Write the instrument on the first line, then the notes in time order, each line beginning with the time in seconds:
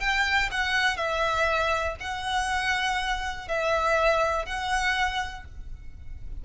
violin
0.00 G5
0.51 F#5
0.97 E5
2.00 F#5
3.48 E5
4.46 F#5